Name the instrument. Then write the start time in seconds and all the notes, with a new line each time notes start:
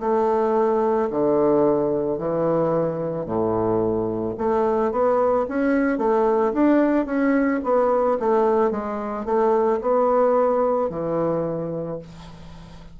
bassoon
0.00 A3
1.11 D3
2.18 E3
3.26 A2
4.38 A3
4.92 B3
5.48 C#4
5.99 A3
6.54 D4
7.06 C#4
7.64 B3
8.20 A3
8.71 G#3
9.25 A3
9.81 B3
10.90 E3